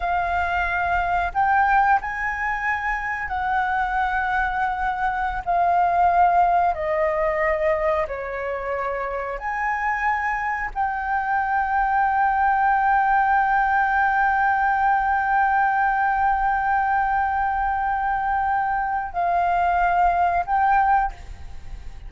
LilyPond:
\new Staff \with { instrumentName = "flute" } { \time 4/4 \tempo 4 = 91 f''2 g''4 gis''4~ | gis''4 fis''2.~ | fis''16 f''2 dis''4.~ dis''16~ | dis''16 cis''2 gis''4.~ gis''16~ |
gis''16 g''2.~ g''8.~ | g''1~ | g''1~ | g''4 f''2 g''4 | }